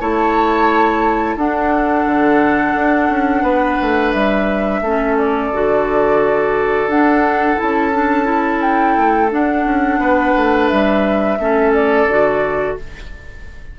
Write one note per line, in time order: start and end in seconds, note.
0.00 1.36 A3
0.00 1.38 E4
0.00 1.36 C#5
0.00 1.38 A5
1.36 2.05 D4
1.36 4.84 D4
1.36 3.43 A4
1.36 4.12 F#5
2.05 2.74 D3
2.75 3.09 D4
3.09 3.42 C#4
3.42 3.77 B3
3.42 4.81 B4
3.81 4.14 A3
4.12 4.81 G3
4.12 5.16 E5
4.81 5.50 A3
4.81 5.53 C#4
4.81 10.00 A4
5.17 6.90 D5
5.53 6.87 D3
5.53 6.91 F#4
6.87 7.56 D4
6.87 7.59 F#5
7.56 8.97 C#4
7.56 7.91 E4
7.56 8.61 A5
7.93 8.25 D4
8.25 9.28 E4
8.61 9.30 G5
8.97 9.32 A3
9.31 11.38 D4
9.31 9.65 D4
9.31 10.69 F#5
9.65 9.98 C#4
9.98 10.32 B3
9.98 11.38 B4
10.37 10.71 A3
10.69 11.38 G3
10.69 11.72 E5
11.38 12.06 A3
11.38 12.09 C#4
11.38 12.78 A4
11.73 12.77 D5
12.06 12.75 D3
12.06 12.79 F#4